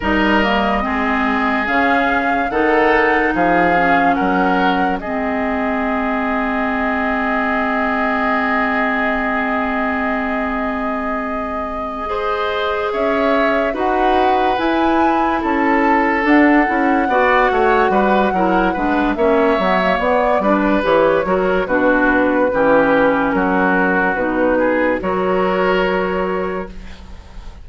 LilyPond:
<<
  \new Staff \with { instrumentName = "flute" } { \time 4/4 \tempo 4 = 72 dis''2 f''4 fis''4 | f''4 fis''4 dis''2~ | dis''1~ | dis''2.~ dis''8 e''8~ |
e''8 fis''4 gis''4 a''4 fis''8~ | fis''2. e''4 | d''4 cis''4 b'2 | ais'4 b'4 cis''2 | }
  \new Staff \with { instrumentName = "oboe" } { \time 4/4 ais'4 gis'2 a'4 | gis'4 ais'4 gis'2~ | gis'1~ | gis'2~ gis'8 c''4 cis''8~ |
cis''8 b'2 a'4.~ | a'8 d''8 cis''8 b'8 ais'8 b'8 cis''4~ | cis''8 b'4 ais'8 fis'4 g'4 | fis'4. gis'8 ais'2 | }
  \new Staff \with { instrumentName = "clarinet" } { \time 4/4 dis'8 ais8 c'4 cis'4 dis'4~ | dis'8 cis'4. c'2~ | c'1~ | c'2~ c'8 gis'4.~ |
gis'8 fis'4 e'2 d'8 | e'8 fis'4. e'8 d'8 cis'8 b16 ais16 | b8 d'8 g'8 fis'8 d'4 cis'4~ | cis'4 dis'4 fis'2 | }
  \new Staff \with { instrumentName = "bassoon" } { \time 4/4 g4 gis4 cis4 dis4 | f4 fis4 gis2~ | gis1~ | gis2.~ gis8 cis'8~ |
cis'8 dis'4 e'4 cis'4 d'8 | cis'8 b8 a8 g8 fis8 gis8 ais8 fis8 | b8 g8 e8 fis8 b,4 e4 | fis4 b,4 fis2 | }
>>